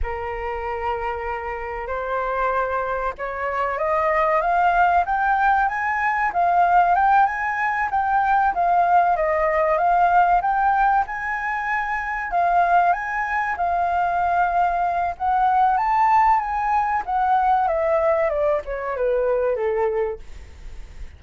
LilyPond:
\new Staff \with { instrumentName = "flute" } { \time 4/4 \tempo 4 = 95 ais'2. c''4~ | c''4 cis''4 dis''4 f''4 | g''4 gis''4 f''4 g''8 gis''8~ | gis''8 g''4 f''4 dis''4 f''8~ |
f''8 g''4 gis''2 f''8~ | f''8 gis''4 f''2~ f''8 | fis''4 a''4 gis''4 fis''4 | e''4 d''8 cis''8 b'4 a'4 | }